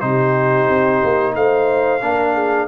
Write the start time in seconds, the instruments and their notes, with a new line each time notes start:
0.00 tuba C3, trombone D#4, horn G4, trumpet C5
0.69 tuba C4
1.03 tuba A#3
1.35 tuba A3, horn C5, trumpet F5
2.01 tuba A#3, trombone D4, horn A#4
2.34 horn G#4